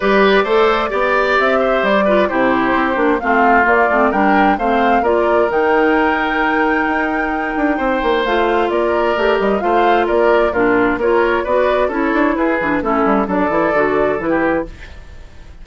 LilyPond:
<<
  \new Staff \with { instrumentName = "flute" } { \time 4/4 \tempo 4 = 131 d''2. e''4 | d''4 c''2 f''4 | d''4 g''4 f''4 d''4 | g''1~ |
g''2 f''4 d''4~ | d''8 dis''8 f''4 d''4 ais'4 | cis''4 d''4 cis''4 b'4 | a'4 d''2 b'4 | }
  \new Staff \with { instrumentName = "oboe" } { \time 4/4 b'4 c''4 d''4. c''8~ | c''8 b'8 g'2 f'4~ | f'4 ais'4 c''4 ais'4~ | ais'1~ |
ais'4 c''2 ais'4~ | ais'4 c''4 ais'4 f'4 | ais'4 b'4 a'4 gis'4 | e'4 a'2~ a'16 g'8. | }
  \new Staff \with { instrumentName = "clarinet" } { \time 4/4 g'4 a'4 g'2~ | g'8 f'8 e'4. d'8 c'4 | ais8 c'8 d'4 c'4 f'4 | dis'1~ |
dis'2 f'2 | g'4 f'2 d'4 | f'4 fis'4 e'4. d'8 | cis'4 d'8 e'8 fis'4 e'4 | }
  \new Staff \with { instrumentName = "bassoon" } { \time 4/4 g4 a4 b4 c'4 | g4 c4 c'8 ais8 a4 | ais8 a8 g4 a4 ais4 | dis2. dis'4~ |
dis'8 d'8 c'8 ais8 a4 ais4 | a8 g8 a4 ais4 ais,4 | ais4 b4 cis'8 d'8 e'8 e8 | a8 g8 fis8 e8 d4 e4 | }
>>